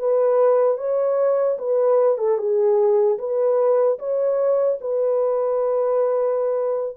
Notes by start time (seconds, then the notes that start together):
0.00 B4
0.78 C#5
1.59 B4
2.19 A4
2.39 G#4
3.19 B4
3.99 C#5
4.81 B4